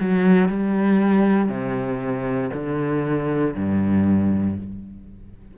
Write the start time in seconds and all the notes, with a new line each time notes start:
0.00 F#3
0.49 G3
1.48 C3
2.53 D3
3.55 G2